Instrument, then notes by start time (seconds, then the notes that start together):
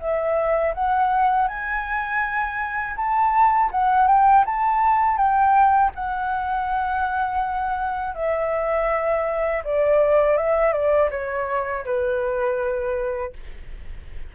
flute
0.00 E5
0.74 F#5
1.48 G#5
2.97 A5
3.72 F#5
4.08 G5
4.45 A5
5.17 G5
5.95 F#5
8.15 E5
9.64 D5
10.37 E5
10.73 D5
11.11 C#5
11.85 B4